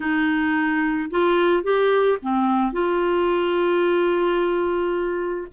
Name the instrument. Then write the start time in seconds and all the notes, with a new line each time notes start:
clarinet
0.00 D#4
1.10 F4
1.63 G4
2.22 C4
2.72 F4